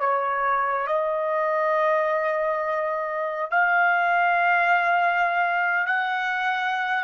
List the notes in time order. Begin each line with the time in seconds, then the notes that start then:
0.00 C#5
0.87 D#5
3.51 F5
5.87 F#5